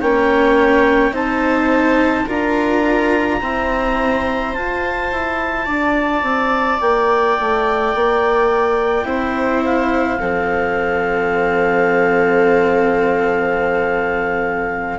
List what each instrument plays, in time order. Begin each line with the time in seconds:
0.00 bassoon A#3, cello C#4, viola C#5, clarinet G5
1.11 bassoon C4, cello D#4, viola C5, clarinet A5
2.25 bassoon D4, cello F4, viola A#4, clarinet A#5
3.40 cello C4, bassoon E4, viola C5
4.53 cello F4, bassoon F4, clarinet A5
5.12 bassoon E4
5.65 bassoon D4, viola D5
6.22 bassoon C4
6.80 bassoon A#3, clarinet G5
7.39 bassoon A3
7.94 bassoon A#3
9.04 bassoon C4, cello E4, viola C5
9.64 clarinet F5
10.20 bassoon F3, cello C4, viola A4